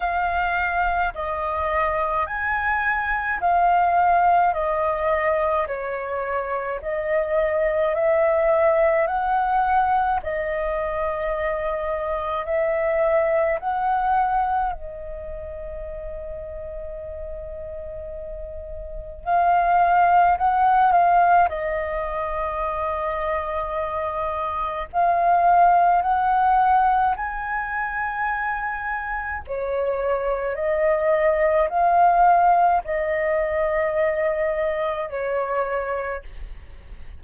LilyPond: \new Staff \with { instrumentName = "flute" } { \time 4/4 \tempo 4 = 53 f''4 dis''4 gis''4 f''4 | dis''4 cis''4 dis''4 e''4 | fis''4 dis''2 e''4 | fis''4 dis''2.~ |
dis''4 f''4 fis''8 f''8 dis''4~ | dis''2 f''4 fis''4 | gis''2 cis''4 dis''4 | f''4 dis''2 cis''4 | }